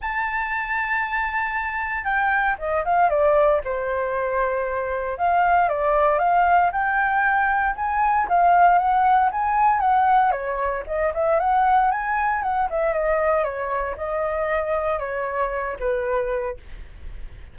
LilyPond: \new Staff \with { instrumentName = "flute" } { \time 4/4 \tempo 4 = 116 a''1 | g''4 dis''8 f''8 d''4 c''4~ | c''2 f''4 d''4 | f''4 g''2 gis''4 |
f''4 fis''4 gis''4 fis''4 | cis''4 dis''8 e''8 fis''4 gis''4 | fis''8 e''8 dis''4 cis''4 dis''4~ | dis''4 cis''4. b'4. | }